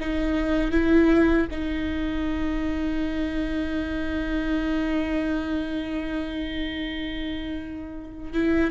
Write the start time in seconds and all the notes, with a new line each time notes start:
0.00 D#4
0.71 E4
1.51 D#4
8.33 E4